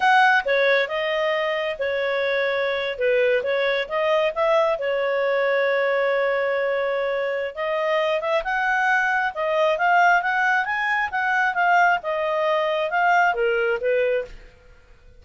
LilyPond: \new Staff \with { instrumentName = "clarinet" } { \time 4/4 \tempo 4 = 135 fis''4 cis''4 dis''2 | cis''2~ cis''8. b'4 cis''16~ | cis''8. dis''4 e''4 cis''4~ cis''16~ | cis''1~ |
cis''4 dis''4. e''8 fis''4~ | fis''4 dis''4 f''4 fis''4 | gis''4 fis''4 f''4 dis''4~ | dis''4 f''4 ais'4 b'4 | }